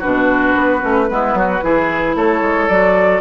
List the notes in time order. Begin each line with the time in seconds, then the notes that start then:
0.00 B2 D4 F#4 B4
0.56 B3
0.81 A3 C#4
1.08 G#3 B3 E4
1.34 F#3 F#4
1.63 E3 E4 G#4
2.16 A3 A4 C#5
2.42 G#3
2.68 F#3 F#4 D5